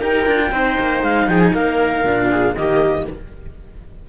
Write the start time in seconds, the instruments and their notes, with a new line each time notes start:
0.00 cello D#4 G4, viola A#4, clarinet G5
0.26 cello D4 F4
0.52 cello C4 D#4, viola C5
0.79 cello A#3
1.03 cello G#3, clarinet F5
1.28 cello F3, viola G#4, clarinet G5
1.41 clarinet G#5
1.54 cello A#3, viola A#4, clarinet F5
2.04 cello A#2 D4
2.31 viola G#4
2.55 cello D#3 A#3, viola G4, clarinet D#5